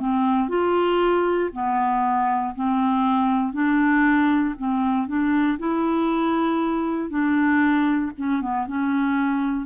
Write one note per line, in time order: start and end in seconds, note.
0.00 0.49 C4
0.49 1.51 F4
1.53 2.55 B3
2.56 3.54 C4
3.54 4.55 D4
4.59 5.08 C4
5.08 5.59 D4
5.59 7.10 E4
7.10 8.12 D4
8.18 8.42 C#4
8.42 8.67 B3
8.68 9.66 C#4